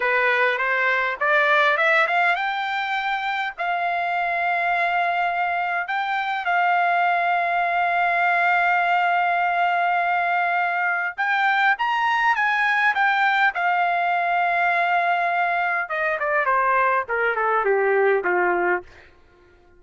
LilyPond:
\new Staff \with { instrumentName = "trumpet" } { \time 4/4 \tempo 4 = 102 b'4 c''4 d''4 e''8 f''8 | g''2 f''2~ | f''2 g''4 f''4~ | f''1~ |
f''2. g''4 | ais''4 gis''4 g''4 f''4~ | f''2. dis''8 d''8 | c''4 ais'8 a'8 g'4 f'4 | }